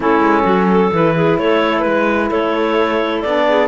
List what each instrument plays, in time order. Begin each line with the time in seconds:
0.00 cello A3, saxophone C#4, clarinet E4 A4
0.20 cello G#3
0.43 cello F#3, clarinet F#4
0.70 clarinet A4
0.92 cello E3, saxophone E4, clarinet B4
1.15 clarinet G#4
1.38 cello A3, clarinet A4 C#5
1.80 cello G#3, clarinet B4
1.86 clarinet B4
2.29 cello A3, clarinet A4 C#5
3.21 cello B3, saxophone D4, clarinet D5
3.48 clarinet G#4